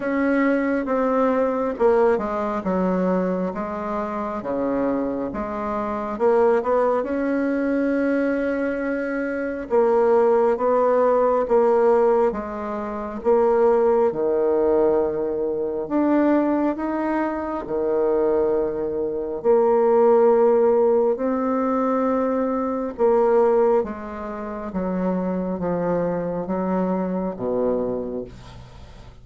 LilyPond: \new Staff \with { instrumentName = "bassoon" } { \time 4/4 \tempo 4 = 68 cis'4 c'4 ais8 gis8 fis4 | gis4 cis4 gis4 ais8 b8 | cis'2. ais4 | b4 ais4 gis4 ais4 |
dis2 d'4 dis'4 | dis2 ais2 | c'2 ais4 gis4 | fis4 f4 fis4 b,4 | }